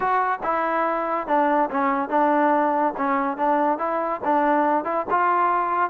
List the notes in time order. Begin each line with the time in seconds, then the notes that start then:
0.00 F#4
0.43 E4
1.27 D4
1.70 C#4
2.09 D4
2.97 C#4
3.37 D4
3.78 E4
4.24 D4
4.84 E4
5.10 F4